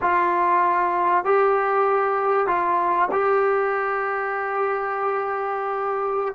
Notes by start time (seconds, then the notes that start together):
0.01 F4
1.25 G4
2.47 F4
3.11 G4